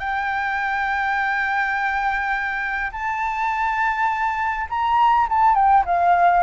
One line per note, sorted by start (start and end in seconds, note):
0.00 2.91 G5
2.93 4.67 A5
4.70 5.28 A#5
5.30 5.56 A5
5.56 5.85 G5
5.86 6.44 F5